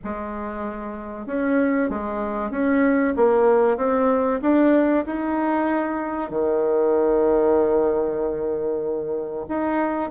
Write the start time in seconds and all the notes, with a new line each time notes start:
0.03 G#3
1.26 C#4
1.89 G#3
2.51 C#4
3.16 A#3
3.77 C4
4.41 D4
5.06 D#4
6.30 D#3
9.48 D#4